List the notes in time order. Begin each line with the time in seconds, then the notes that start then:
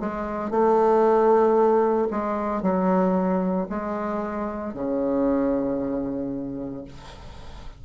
0.00 G#3
0.51 A3
2.11 G#3
2.63 F#3
3.70 G#3
4.74 C#3